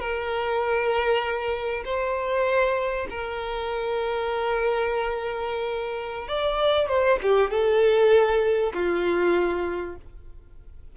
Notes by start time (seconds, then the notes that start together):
0.00 A#4
1.85 C5
3.10 A#4
6.28 D5
6.88 C5
7.22 G4
7.51 A4
8.74 F4